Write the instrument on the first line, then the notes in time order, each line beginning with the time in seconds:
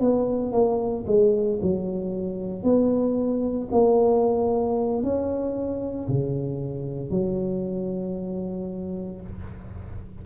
tuba
0.00 B3
0.52 A#3
1.07 G#3
1.62 F#3
2.63 B3
3.72 A#3
5.03 C#4
6.09 C#3
7.11 F#3